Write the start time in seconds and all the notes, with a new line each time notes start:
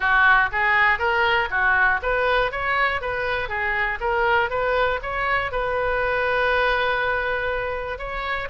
0.00 F#4
0.51 G#4
0.98 A#4
1.50 F#4
2.02 B4
2.51 C#5
3.01 B4
3.49 G#4
4.00 A#4
4.50 B4
5.02 C#5
5.51 B4
7.98 C#5